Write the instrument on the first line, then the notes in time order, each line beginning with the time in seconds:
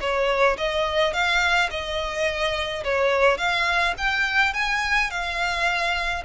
violin
0.00 C#5
0.57 D#5
1.13 F5
1.70 D#5
2.83 C#5
3.37 F5
3.97 G5
4.53 G#5
5.10 F5